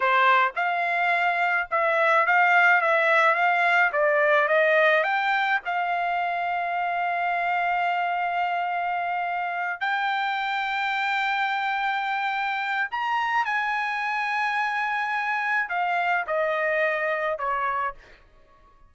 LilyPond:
\new Staff \with { instrumentName = "trumpet" } { \time 4/4 \tempo 4 = 107 c''4 f''2 e''4 | f''4 e''4 f''4 d''4 | dis''4 g''4 f''2~ | f''1~ |
f''4. g''2~ g''8~ | g''2. ais''4 | gis''1 | f''4 dis''2 cis''4 | }